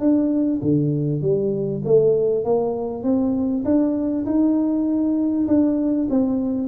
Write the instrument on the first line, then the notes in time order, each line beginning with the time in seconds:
tuba
0.00 D4
0.62 D3
1.22 G3
1.85 A3
2.45 A#3
3.04 C4
3.65 D4
4.26 D#4
5.48 D4
6.10 C4